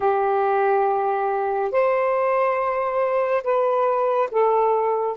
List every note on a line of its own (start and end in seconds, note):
0.00 1.71 G4
1.71 3.42 C5
3.43 4.29 B4
4.31 5.17 A4